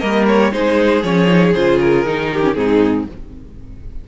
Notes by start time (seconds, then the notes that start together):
0.00 G3 A#3 A#4 D#5
0.28 C#5
0.52 G#3 D#4 G#4 C5
1.03 F3 C#4 C#5
1.27 D#4
1.54 C#3 F4 C5
1.81 A#4
2.06 D#3 D#4
2.33 G4
2.42 C#4
2.54 G#2 C4 D#4 G#4